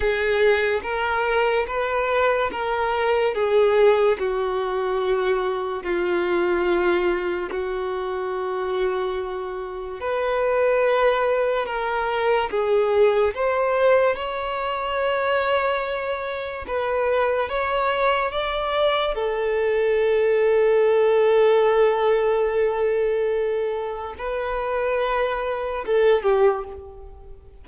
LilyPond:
\new Staff \with { instrumentName = "violin" } { \time 4/4 \tempo 4 = 72 gis'4 ais'4 b'4 ais'4 | gis'4 fis'2 f'4~ | f'4 fis'2. | b'2 ais'4 gis'4 |
c''4 cis''2. | b'4 cis''4 d''4 a'4~ | a'1~ | a'4 b'2 a'8 g'8 | }